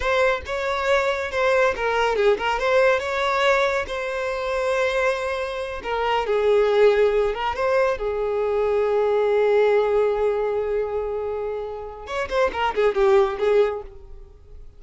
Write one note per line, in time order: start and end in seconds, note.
0.00 0.41 C5
0.46 1.31 C#5
1.31 1.74 C5
1.76 2.15 A#4
2.15 2.37 G#4
2.37 2.59 A#4
2.59 2.99 C5
2.99 3.85 C#5
3.87 5.81 C5
5.83 6.26 A#4
6.26 7.34 G#4
7.34 7.55 A#4
7.55 7.98 C5
7.98 12.06 G#4
12.06 12.28 C#5
12.29 12.50 C5
12.52 12.74 A#4
12.75 12.95 G#4
12.95 13.38 G4
13.39 13.82 G#4